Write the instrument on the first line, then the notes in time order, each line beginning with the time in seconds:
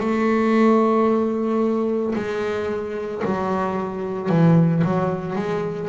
double bass
0.00 A3
2.15 G#3
3.25 F#3
4.29 E3
4.84 F#3
5.35 G#3